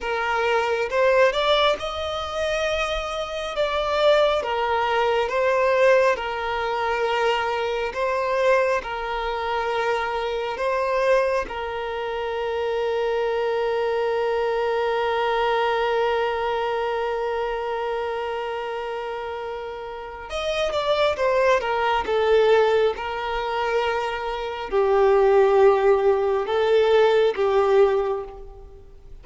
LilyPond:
\new Staff \with { instrumentName = "violin" } { \time 4/4 \tempo 4 = 68 ais'4 c''8 d''8 dis''2 | d''4 ais'4 c''4 ais'4~ | ais'4 c''4 ais'2 | c''4 ais'2.~ |
ais'1~ | ais'2. dis''8 d''8 | c''8 ais'8 a'4 ais'2 | g'2 a'4 g'4 | }